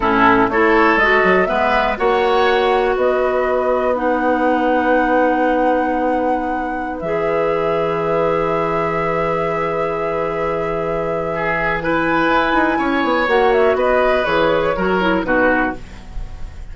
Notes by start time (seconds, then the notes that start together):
0.00 A2 C#4 E4 A4
0.48 A3 E4 A4 C#5
0.96 G#3 F#4 D#5
1.23 F#3
1.45 G#3 B3 B4 E5
1.97 A#3 F#4 C#5 F#5
2.95 B3 B4 D#5
3.94 D#4 F#5
6.99 E3 G#4 E5
11.34 G#4
11.80 E4 B4 G#5
12.28 E4
12.53 D#4
12.78 C#4 C#5
13.03 B3
13.27 A#3 F#4 F#5
13.52 E5
13.74 B3 B4 D#5
14.24 E3 G#4 C#5
14.76 F#3 F#4 A#4
15.01 E4
15.23 B2 D#4 F#4 B4